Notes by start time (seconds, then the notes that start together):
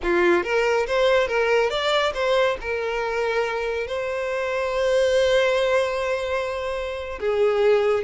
0.03 F4
0.43 A#4
0.86 C5
1.27 A#4
1.69 D5
2.14 C5
2.60 A#4
3.87 C5
7.20 G#4